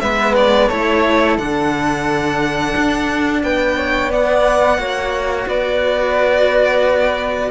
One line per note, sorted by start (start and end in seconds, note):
0.00 0.69 G#3
0.00 0.70 B3
0.00 0.68 B4
0.00 0.34 E5
0.35 0.68 D5
0.68 1.37 A3
0.68 1.39 E4
0.68 3.40 A4
0.68 1.37 C#5
1.37 2.74 D3
1.37 4.10 D4
1.37 3.42 F#5
2.76 3.43 D4
3.43 4.78 B3
3.43 3.77 B4
3.43 4.11 G5
3.77 4.10 C#5
4.10 4.78 B3
4.10 4.78 D5
4.10 5.49 F#5
4.78 5.46 A#3
4.78 7.51 F#4
4.78 5.48 C#5
5.47 7.51 B3
5.47 7.51 B4
5.47 7.51 D5